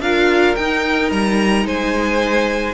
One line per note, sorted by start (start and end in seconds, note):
0.00 0.55 D4
0.00 0.57 F4
0.00 1.66 A#4
0.00 0.55 F5
0.55 1.11 D#4
0.55 2.74 D#4
0.55 1.10 G5
1.11 1.65 G3
1.11 1.66 A#5
1.65 2.74 G#3
1.65 2.74 C5
1.65 2.74 G#5